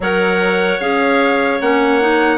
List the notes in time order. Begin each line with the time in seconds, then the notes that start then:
0.00 F#3 A#4 C#5 F#5
0.80 C#4 G#4 F5
1.61 A#3 C#4 F#5
2.01 D#4